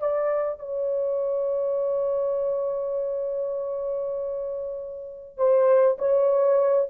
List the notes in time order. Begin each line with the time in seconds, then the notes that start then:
0.00 D5
0.59 C#5
5.38 C5
5.99 C#5